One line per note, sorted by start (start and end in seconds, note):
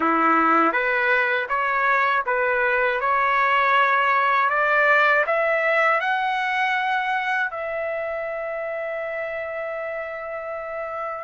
0.00 0.72 E4
0.72 1.47 B4
1.48 2.23 C#5
2.25 3.00 B4
3.00 4.49 C#5
4.49 5.24 D5
5.26 6.00 E5
6.00 7.50 F#5
7.50 11.24 E5